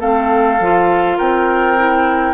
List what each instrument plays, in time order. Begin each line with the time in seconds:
0.00 bassoon A3, clarinet C4, oboe A4, flute F5
0.60 bassoon F3, clarinet F4
1.17 bassoon C4, oboe A#4, flute G5
1.78 clarinet E4